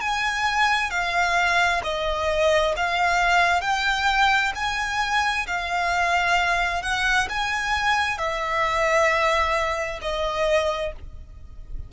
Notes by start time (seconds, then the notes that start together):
0.00 G#5
0.90 F5
1.83 D#5
2.76 F5
3.61 G5
4.55 G#5
5.47 F5
6.82 F#5
7.29 G#5
8.18 E5
10.01 D#5